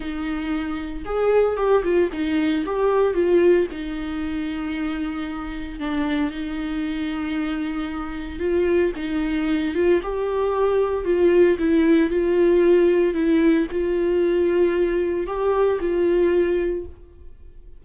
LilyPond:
\new Staff \with { instrumentName = "viola" } { \time 4/4 \tempo 4 = 114 dis'2 gis'4 g'8 f'8 | dis'4 g'4 f'4 dis'4~ | dis'2. d'4 | dis'1 |
f'4 dis'4. f'8 g'4~ | g'4 f'4 e'4 f'4~ | f'4 e'4 f'2~ | f'4 g'4 f'2 | }